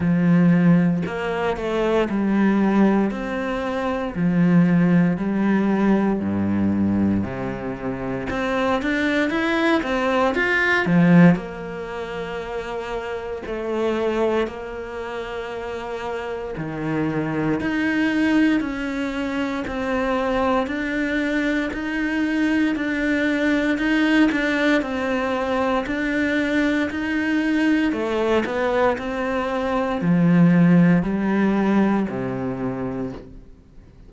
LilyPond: \new Staff \with { instrumentName = "cello" } { \time 4/4 \tempo 4 = 58 f4 ais8 a8 g4 c'4 | f4 g4 g,4 c4 | c'8 d'8 e'8 c'8 f'8 f8 ais4~ | ais4 a4 ais2 |
dis4 dis'4 cis'4 c'4 | d'4 dis'4 d'4 dis'8 d'8 | c'4 d'4 dis'4 a8 b8 | c'4 f4 g4 c4 | }